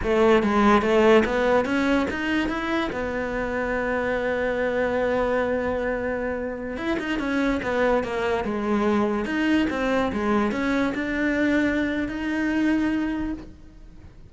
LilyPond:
\new Staff \with { instrumentName = "cello" } { \time 4/4 \tempo 4 = 144 a4 gis4 a4 b4 | cis'4 dis'4 e'4 b4~ | b1~ | b1~ |
b16 e'8 dis'8 cis'4 b4 ais8.~ | ais16 gis2 dis'4 c'8.~ | c'16 gis4 cis'4 d'4.~ d'16~ | d'4 dis'2. | }